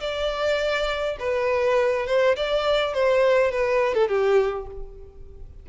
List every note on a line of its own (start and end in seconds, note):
0.00 1.17 D5
1.19 2.07 B4
2.07 2.36 C5
2.36 2.94 D5
2.94 3.51 C5
3.51 3.94 B4
3.94 4.08 A4
4.08 4.66 G4